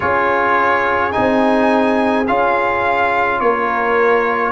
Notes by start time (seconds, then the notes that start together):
0.00 C#4 F4 G#4 C#5
1.12 C4 D#4 G#5
2.27 C#4 F4 F5
3.40 A#3 A#4 C#5